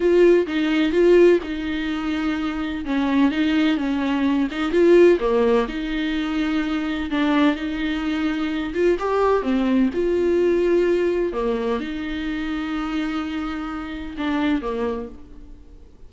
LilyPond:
\new Staff \with { instrumentName = "viola" } { \time 4/4 \tempo 4 = 127 f'4 dis'4 f'4 dis'4~ | dis'2 cis'4 dis'4 | cis'4. dis'8 f'4 ais4 | dis'2. d'4 |
dis'2~ dis'8 f'8 g'4 | c'4 f'2. | ais4 dis'2.~ | dis'2 d'4 ais4 | }